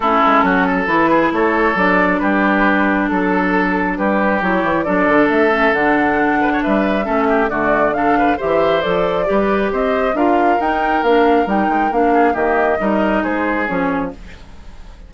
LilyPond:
<<
  \new Staff \with { instrumentName = "flute" } { \time 4/4 \tempo 4 = 136 a'2 b'4 cis''4 | d''4 b'2 a'4~ | a'4 b'4 cis''4 d''4 | e''4 fis''2 e''4~ |
e''4 d''4 f''4 e''4 | d''2 dis''4 f''4 | g''4 f''4 g''4 f''4 | dis''2 c''4 cis''4 | }
  \new Staff \with { instrumentName = "oboe" } { \time 4/4 e'4 fis'8 a'4 gis'8 a'4~ | a'4 g'2 a'4~ | a'4 g'2 a'4~ | a'2~ a'8 b'16 cis''16 b'4 |
a'8 g'8 fis'4 a'8 b'8 c''4~ | c''4 b'4 c''4 ais'4~ | ais'2.~ ais'8 gis'8 | g'4 ais'4 gis'2 | }
  \new Staff \with { instrumentName = "clarinet" } { \time 4/4 cis'2 e'2 | d'1~ | d'2 e'4 d'4~ | d'8 cis'8 d'2. |
cis'4 a4 d'4 g'4 | a'4 g'2 f'4 | dis'4 d'4 dis'4 d'4 | ais4 dis'2 cis'4 | }
  \new Staff \with { instrumentName = "bassoon" } { \time 4/4 a8 gis8 fis4 e4 a4 | fis4 g2 fis4~ | fis4 g4 fis8 e8 fis8 d8 | a4 d2 g4 |
a4 d2 e4 | f4 g4 c'4 d'4 | dis'4 ais4 g8 gis8 ais4 | dis4 g4 gis4 f4 | }
>>